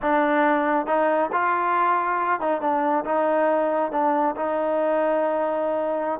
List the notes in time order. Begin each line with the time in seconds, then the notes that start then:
0.01 D4
0.86 D#4
1.32 F4
2.40 D#4
2.61 D4
3.05 D#4
3.91 D4
4.36 D#4